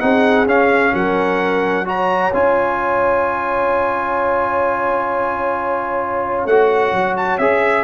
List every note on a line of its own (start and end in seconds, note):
0.00 0.46 C4
0.00 0.47 D#4
0.00 0.94 G#4
0.00 0.46 F#5
0.46 0.92 C#4
0.46 1.85 C#4
0.46 0.94 F5
0.94 2.32 F#3
0.94 1.86 A#4
0.94 1.87 F#5
1.85 2.31 F#4
1.85 7.84 C#5
1.85 2.34 A#5
2.33 6.46 C#4
2.33 6.49 F4
2.33 6.46 G#5
6.46 6.92 A3
6.46 7.40 F#4
6.46 7.15 F#5
6.92 7.38 F#3
7.17 7.38 A5
7.38 7.84 C#4
7.38 7.84 G#4
7.38 7.84 E5